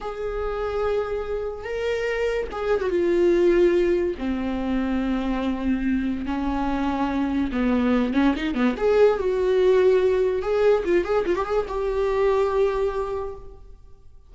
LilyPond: \new Staff \with { instrumentName = "viola" } { \time 4/4 \tempo 4 = 144 gis'1 | ais'2 gis'8. fis'16 f'4~ | f'2 c'2~ | c'2. cis'4~ |
cis'2 b4. cis'8 | dis'8 b8 gis'4 fis'2~ | fis'4 gis'4 f'8 gis'8 f'16 g'16 gis'8 | g'1 | }